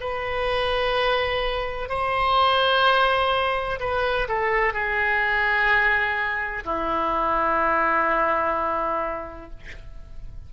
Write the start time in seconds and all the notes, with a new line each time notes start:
0.00 B4
1.89 C5
3.80 B4
4.28 A4
4.73 G#4
6.64 E4